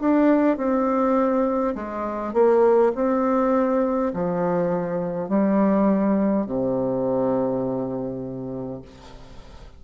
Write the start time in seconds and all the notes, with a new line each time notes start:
0.00 D4
0.57 C4
1.75 G#3
2.33 A#3
2.95 C4
4.13 F3
5.28 G3
6.46 C3